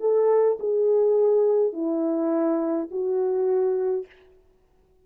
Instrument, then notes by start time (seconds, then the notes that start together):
horn
0.00 A4
0.59 G#4
1.73 E4
2.91 F#4